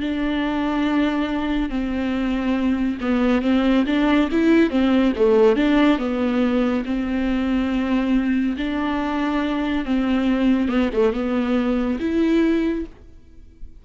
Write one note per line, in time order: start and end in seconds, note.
0.00 1.69 D4
1.69 2.98 C4
3.01 3.41 B3
3.41 3.84 C4
3.86 4.29 D4
4.31 4.69 E4
4.69 5.12 C4
5.16 5.56 A3
5.56 5.98 D4
5.98 6.84 B3
6.85 8.56 C4
8.57 9.85 D4
9.85 10.68 C4
10.68 10.90 B3
10.93 11.13 A3
11.13 11.98 B3
11.99 12.85 E4